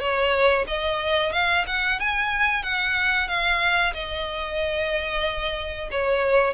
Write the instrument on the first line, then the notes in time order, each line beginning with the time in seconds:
violin
0.00 C#5
0.67 D#5
1.33 F5
1.67 F#5
2.00 G#5
2.63 F#5
3.28 F5
3.93 D#5
5.91 C#5